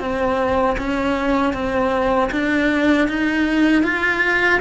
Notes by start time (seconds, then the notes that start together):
0.00 C4
0.78 C#4
1.53 C4
2.32 D4
3.09 D#4
3.84 F4